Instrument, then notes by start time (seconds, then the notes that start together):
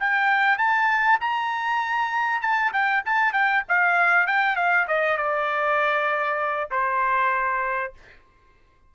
trumpet
0.00 G5
0.58 A5
1.20 A#5
2.41 A5
2.72 G5
3.05 A5
3.33 G5
3.68 F5
4.26 G5
4.56 F5
4.87 D#5
5.17 D5
6.71 C5